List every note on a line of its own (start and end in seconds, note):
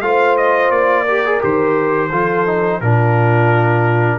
0.00 0.70 A3
0.00 1.07 F4
0.00 1.05 C5
0.00 0.36 F5
0.36 0.71 D#5
0.70 1.39 A#3
0.70 1.41 D5
1.05 1.25 G4
1.05 2.09 A#4
1.25 1.40 G#4
1.40 2.11 D#3
1.40 2.09 G4
1.40 2.80 C5
2.10 2.81 F3
2.10 2.46 F4
2.10 2.80 A4
2.46 2.81 D#4
2.80 4.18 A#2
2.80 4.18 D4
2.80 4.18 F4
2.80 4.18 A#4